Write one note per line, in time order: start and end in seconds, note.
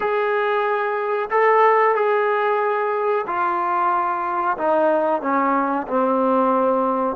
0.00 1.29 G#4
1.30 1.95 A4
1.95 3.25 G#4
3.26 4.57 F4
4.57 5.21 D#4
5.21 5.86 C#4
5.87 7.16 C4